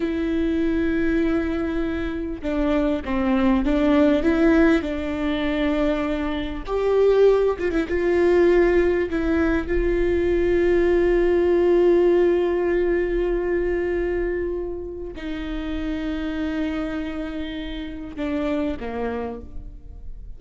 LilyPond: \new Staff \with { instrumentName = "viola" } { \time 4/4 \tempo 4 = 99 e'1 | d'4 c'4 d'4 e'4 | d'2. g'4~ | g'8 f'16 e'16 f'2 e'4 |
f'1~ | f'1~ | f'4 dis'2.~ | dis'2 d'4 ais4 | }